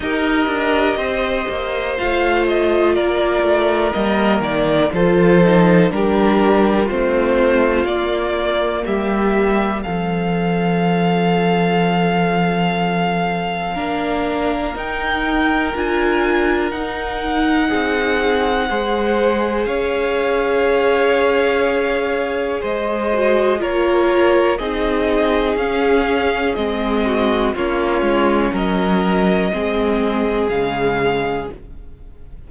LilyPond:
<<
  \new Staff \with { instrumentName = "violin" } { \time 4/4 \tempo 4 = 61 dis''2 f''8 dis''8 d''4 | dis''8 d''8 c''4 ais'4 c''4 | d''4 e''4 f''2~ | f''2. g''4 |
gis''4 fis''2. | f''2. dis''4 | cis''4 dis''4 f''4 dis''4 | cis''4 dis''2 f''4 | }
  \new Staff \with { instrumentName = "violin" } { \time 4/4 ais'4 c''2 ais'4~ | ais'4 a'4 g'4 f'4~ | f'4 g'4 a'2~ | a'2 ais'2~ |
ais'2 gis'4 c''4 | cis''2. c''4 | ais'4 gis'2~ gis'8 fis'8 | f'4 ais'4 gis'2 | }
  \new Staff \with { instrumentName = "viola" } { \time 4/4 g'2 f'2 | ais4 f'8 dis'8 d'4 c'4 | ais2 c'2~ | c'2 d'4 dis'4 |
f'4 dis'2 gis'4~ | gis'2.~ gis'8 fis'8 | f'4 dis'4 cis'4 c'4 | cis'2 c'4 gis4 | }
  \new Staff \with { instrumentName = "cello" } { \time 4/4 dis'8 d'8 c'8 ais8 a4 ais8 a8 | g8 dis8 f4 g4 a4 | ais4 g4 f2~ | f2 ais4 dis'4 |
d'4 dis'4 c'4 gis4 | cis'2. gis4 | ais4 c'4 cis'4 gis4 | ais8 gis8 fis4 gis4 cis4 | }
>>